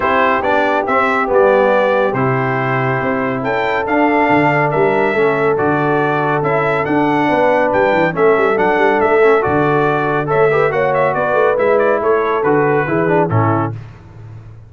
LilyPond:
<<
  \new Staff \with { instrumentName = "trumpet" } { \time 4/4 \tempo 4 = 140 c''4 d''4 e''4 d''4~ | d''4 c''2. | g''4 f''2 e''4~ | e''4 d''2 e''4 |
fis''2 g''4 e''4 | fis''4 e''4 d''2 | e''4 fis''8 e''8 d''4 e''8 d''8 | cis''4 b'2 a'4 | }
  \new Staff \with { instrumentName = "horn" } { \time 4/4 g'1~ | g'1 | a'2. ais'4 | a'1~ |
a'4 b'2 a'4~ | a'1 | cis''8 b'8 cis''4 b'2 | a'2 gis'4 e'4 | }
  \new Staff \with { instrumentName = "trombone" } { \time 4/4 e'4 d'4 c'4 b4~ | b4 e'2.~ | e'4 d'2. | cis'4 fis'2 e'4 |
d'2. cis'4 | d'4. cis'8 fis'2 | a'8 g'8 fis'2 e'4~ | e'4 fis'4 e'8 d'8 cis'4 | }
  \new Staff \with { instrumentName = "tuba" } { \time 4/4 c'4 b4 c'4 g4~ | g4 c2 c'4 | cis'4 d'4 d4 g4 | a4 d2 cis'4 |
d'4 b4 g8 e8 a8 g8 | fis8 g8 a4 d2 | a4 ais4 b8 a8 gis4 | a4 d4 e4 a,4 | }
>>